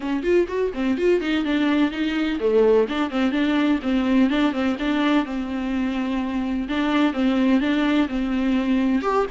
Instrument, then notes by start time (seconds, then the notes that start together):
viola
0.00 C#4
0.23 F4
0.48 F#4
0.74 C4
0.97 F4
1.21 D#4
1.44 D4
1.91 D#4
2.40 A3
2.88 D4
3.10 C4
3.31 D4
3.82 C4
4.30 D4
4.52 C4
4.79 D4
5.25 C4
6.68 D4
7.13 C4
7.60 D4
8.08 C4
9.02 G4